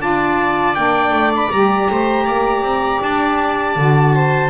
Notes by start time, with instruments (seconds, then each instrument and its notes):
0.00 double bass D4, saxophone F4, viola D5, trumpet A5
0.76 double bass A#3, saxophone D4, trumpet G5
1.12 double bass A3
1.36 trumpet B5
1.52 double bass G3, saxophone G4, trumpet A#5
1.90 double bass A3, viola C5
2.26 double bass A#3, viola D5
2.62 double bass C4
3.02 double bass D4, trumpet A5
3.76 double bass D3, saxophone F#4
4.16 viola C5